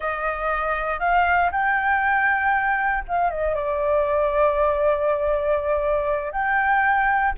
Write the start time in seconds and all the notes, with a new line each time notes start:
0.00 D#5
0.99 F5
1.51 G5
3.08 F5
3.30 D#5
3.55 D5
6.31 G5